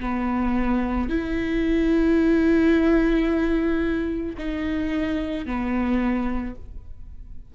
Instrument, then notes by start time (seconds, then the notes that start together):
viola
0.00 B3
1.09 E4
4.38 D#4
5.46 B3